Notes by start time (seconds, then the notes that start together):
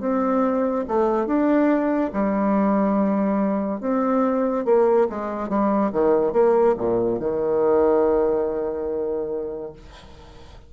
0.00 C4
0.88 A3
1.26 D4
2.13 G3
3.81 C4
4.65 A#3
5.09 G#3
5.49 G3
5.92 D#3
6.33 A#3
6.77 A#2
7.19 D#3